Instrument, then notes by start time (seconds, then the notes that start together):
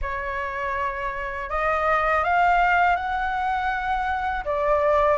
flute
0.01 C#5
1.49 D#5
2.24 F5
2.96 F#5
4.44 D5